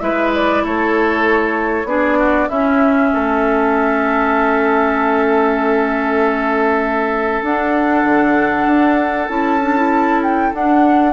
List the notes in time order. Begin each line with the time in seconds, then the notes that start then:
0.00 G#3 E4 B4 E5
0.35 D5
0.64 A3 A4 C#5
1.85 B3 D4 G#4 D5
2.19 F#4
2.49 C#4 E4 E5
3.14 A3 A4
7.43 D4 F#5
8.05 D3
8.66 D4
9.28 C#4 E4 A5
9.62 D4
9.77 E4
10.23 G5
10.54 D4 F#5